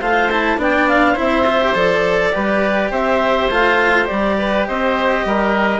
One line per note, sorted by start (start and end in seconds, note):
0.00 0.57 A3
0.00 0.30 F4
0.00 0.58 C5
0.00 0.30 F5
0.30 0.57 E4
0.30 0.59 A5
0.57 1.15 B3
0.57 1.15 D4
0.57 1.12 D5
0.57 0.88 G5
0.88 1.17 F5
1.12 1.44 E4
1.12 2.29 C5
1.19 1.75 C4
1.19 1.76 E5
1.46 1.61 F4
1.61 1.75 G4
1.75 2.33 F3
1.75 2.33 A4
1.75 2.92 D5
2.33 2.91 G3
2.33 3.49 G4
2.33 2.90 B4
2.90 3.49 C4
2.90 4.36 C5
2.90 3.50 E5
3.49 4.07 A3
3.49 4.04 F4
3.49 4.06 F5
4.04 4.68 G3
4.04 5.79 G4
4.04 4.64 D5
4.38 4.67 B4
4.66 5.25 C4
4.66 5.25 C5
4.66 5.80 D#5
5.25 5.80 G3
5.25 5.80 A#4